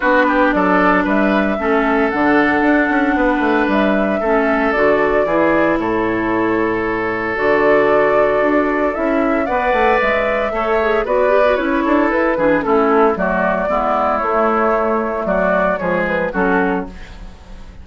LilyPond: <<
  \new Staff \with { instrumentName = "flute" } { \time 4/4 \tempo 4 = 114 b'4 d''4 e''2 | fis''2. e''4~ | e''4 d''2 cis''4~ | cis''2 d''2~ |
d''4 e''4 fis''4 e''4~ | e''4 d''4 cis''4 b'4 | a'4 d''2 cis''4~ | cis''4 d''4 cis''8 b'8 a'4 | }
  \new Staff \with { instrumentName = "oboe" } { \time 4/4 fis'8 g'8 a'4 b'4 a'4~ | a'2 b'2 | a'2 gis'4 a'4~ | a'1~ |
a'2 d''2 | cis''4 b'4. a'4 gis'8 | e'4 fis'4 e'2~ | e'4 fis'4 gis'4 fis'4 | }
  \new Staff \with { instrumentName = "clarinet" } { \time 4/4 d'2. cis'4 | d'1 | cis'4 fis'4 e'2~ | e'2 fis'2~ |
fis'4 e'4 b'2 | a'8 gis'8 fis'8 g'16 fis'16 e'4. d'8 | cis'4 a4 b4 a4~ | a2 gis4 cis'4 | }
  \new Staff \with { instrumentName = "bassoon" } { \time 4/4 b4 fis4 g4 a4 | d4 d'8 cis'8 b8 a8 g4 | a4 d4 e4 a,4~ | a,2 d2 |
d'4 cis'4 b8 a8 gis4 | a4 b4 cis'8 d'8 e'8 e8 | a4 fis4 gis4 a4~ | a4 fis4 f4 fis4 | }
>>